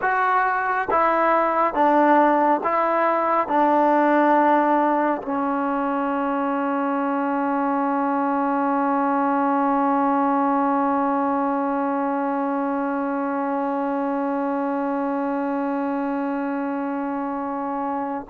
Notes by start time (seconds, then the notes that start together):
0.01 F#4
0.90 E4
1.74 D4
2.63 E4
3.47 D4
5.22 C#4